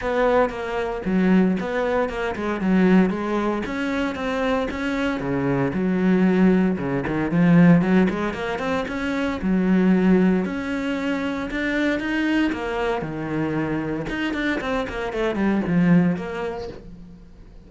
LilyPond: \new Staff \with { instrumentName = "cello" } { \time 4/4 \tempo 4 = 115 b4 ais4 fis4 b4 | ais8 gis8 fis4 gis4 cis'4 | c'4 cis'4 cis4 fis4~ | fis4 cis8 dis8 f4 fis8 gis8 |
ais8 c'8 cis'4 fis2 | cis'2 d'4 dis'4 | ais4 dis2 dis'8 d'8 | c'8 ais8 a8 g8 f4 ais4 | }